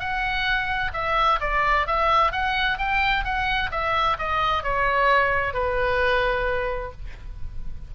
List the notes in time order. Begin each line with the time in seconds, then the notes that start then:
0.00 F#5
0.94 E5
1.41 D5
1.87 E5
2.33 F#5
2.79 G5
3.25 F#5
3.72 E5
4.19 D#5
4.64 C#5
5.54 B4